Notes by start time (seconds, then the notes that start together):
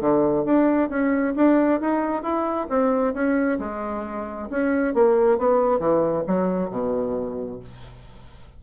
0.00 D3
0.45 D4
0.89 C#4
1.36 D4
1.81 D#4
2.22 E4
2.69 C4
3.14 C#4
3.59 G#3
4.50 C#4
4.94 A#3
5.38 B3
5.79 E3
6.27 F#3
6.70 B2